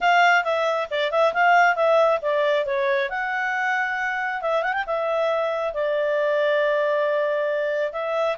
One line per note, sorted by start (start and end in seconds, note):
0.00 0.44 F5
0.44 0.88 E5
0.90 1.11 D5
1.11 1.33 E5
1.33 1.75 F5
1.75 2.19 E5
2.21 2.65 D5
2.65 3.09 C#5
3.09 4.41 F#5
4.41 4.62 E5
4.62 4.73 F#5
4.73 4.84 G5
4.86 5.73 E5
5.73 7.92 D5
7.92 8.36 E5